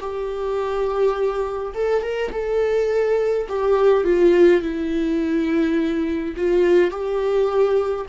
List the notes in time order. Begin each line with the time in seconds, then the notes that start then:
0.00 G4
1.74 A4
2.02 A#4
2.32 A4
3.49 G4
4.04 F4
4.62 E4
6.36 F4
6.90 G4